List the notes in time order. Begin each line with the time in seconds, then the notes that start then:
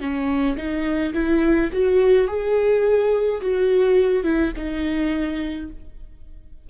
0.00 C#4
0.57 D#4
1.14 E4
1.72 F#4
2.27 G#4
3.41 F#4
4.23 E4
4.56 D#4